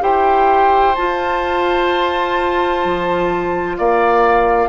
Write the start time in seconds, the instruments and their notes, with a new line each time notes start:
0.00 bassoon E4, clarinet G4, oboe C5, flute G5
0.95 clarinet F4, bassoon F4, flute A5
2.84 bassoon F3
3.77 bassoon A#3, oboe D5, flute F5